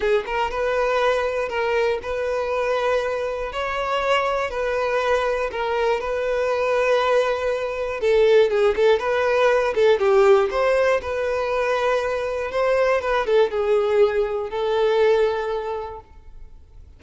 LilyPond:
\new Staff \with { instrumentName = "violin" } { \time 4/4 \tempo 4 = 120 gis'8 ais'8 b'2 ais'4 | b'2. cis''4~ | cis''4 b'2 ais'4 | b'1 |
a'4 gis'8 a'8 b'4. a'8 | g'4 c''4 b'2~ | b'4 c''4 b'8 a'8 gis'4~ | gis'4 a'2. | }